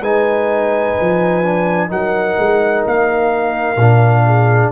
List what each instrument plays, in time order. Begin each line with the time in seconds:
0.00 tuba G#3, trombone D#4, horn B4, trumpet G#5
1.00 tuba F3
1.43 trombone D4
1.88 tuba F#3, trombone D#4, horn A#4, trumpet F#5
2.38 tuba G#3
2.86 tuba A#3, trumpet F5
3.76 tuba A#2, trombone D4
4.26 horn G#4